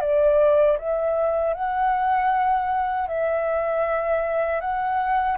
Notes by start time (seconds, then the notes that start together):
0.00 D5
0.78 E5
1.54 F#5
3.07 E5
4.60 F#5